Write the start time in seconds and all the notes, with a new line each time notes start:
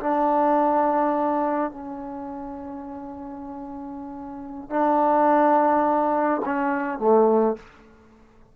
0.00 D4
1.71 C#4
4.70 D4
6.45 C#4
6.99 A3